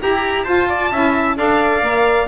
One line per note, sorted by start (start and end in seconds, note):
0.00 0.47 E4
0.00 0.44 G4
0.00 0.44 A#5
0.44 0.90 F4
0.44 0.91 F4
0.44 0.67 C5
0.44 1.36 A5
0.69 0.92 D5
0.91 1.37 C#4
0.91 1.37 E4
0.91 1.38 E5
1.37 1.82 D4
1.37 1.82 A4
1.37 2.28 D5
1.37 2.28 F5
1.82 2.28 A#3
1.82 2.28 A#4